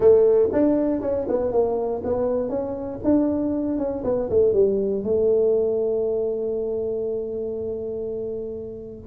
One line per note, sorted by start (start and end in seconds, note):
0.00 0.49 A3
0.52 1.01 D4
1.01 1.26 C#4
1.28 1.51 B3
1.51 2.02 A#3
2.04 2.49 B3
2.49 2.99 C#4
3.04 3.78 D4
3.78 4.03 C#4
4.04 4.29 B3
4.29 4.53 A3
4.53 5.03 G3
5.03 9.07 A3